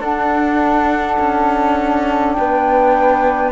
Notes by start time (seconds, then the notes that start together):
0.00 D4 A4 F#5
1.19 C#4
2.33 B4 G5
2.39 B3